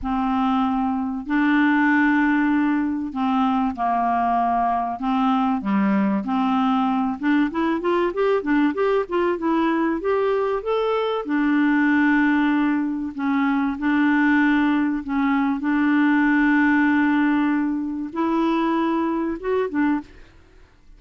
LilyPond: \new Staff \with { instrumentName = "clarinet" } { \time 4/4 \tempo 4 = 96 c'2 d'2~ | d'4 c'4 ais2 | c'4 g4 c'4. d'8 | e'8 f'8 g'8 d'8 g'8 f'8 e'4 |
g'4 a'4 d'2~ | d'4 cis'4 d'2 | cis'4 d'2.~ | d'4 e'2 fis'8 d'8 | }